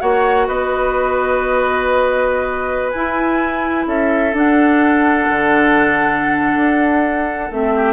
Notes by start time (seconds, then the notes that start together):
0.00 A#3 F#4 C#5 F#5
0.48 B3 B4 D#5
2.91 E4 G#5
3.87 C#4 A4 E5
4.33 D4 F#5
5.29 D3
6.57 D4
7.51 A3 C4 E5
7.76 G4